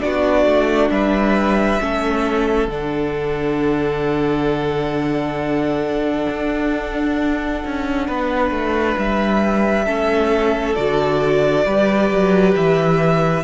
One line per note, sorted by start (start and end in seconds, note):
0.00 0.46 B3
0.00 1.79 D4
0.00 0.93 F#4
0.00 0.90 D5
0.46 0.90 A3
0.90 1.80 G3
0.90 1.82 B4
0.90 2.69 E5
1.79 2.68 A3
1.79 2.69 C#4
1.79 8.07 A4
2.68 6.26 D3
2.68 9.85 D4
2.68 8.96 F#5
6.29 7.63 D4
7.65 8.09 C#4
8.07 8.51 B3
8.07 9.85 B4
8.51 8.96 A3
8.98 9.87 G3
8.98 10.75 E5
9.85 10.77 A3
9.85 10.75 C#4
9.85 11.64 A4
10.75 11.66 D3
10.75 11.65 F#4
10.75 12.54 D5
11.65 12.10 G3
11.65 13.44 G4
11.65 13.44 B4
12.10 12.55 F#3
12.55 13.44 E3
12.55 13.44 E5